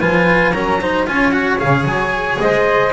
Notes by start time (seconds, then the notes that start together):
0.00 F3 F4 B4 G#5
0.52 F#3 C#4 A#4 A#5
0.82 D#4 C5
1.07 C#4 F4 C#5 G#5
1.32 F#4 F#5
1.58 C#3 G#4 F5
1.84 F#3 G#5
2.40 G#3 C5 D#5